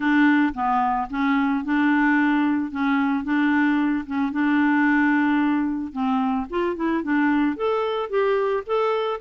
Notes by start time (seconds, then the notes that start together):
0.00 D4
0.54 B3
1.10 C#4
1.64 D4
2.71 C#4
3.24 D4
4.06 C#4
4.32 D4
5.92 C4
6.50 F4
6.76 E4
7.03 D4
7.56 A4
8.09 G4
8.66 A4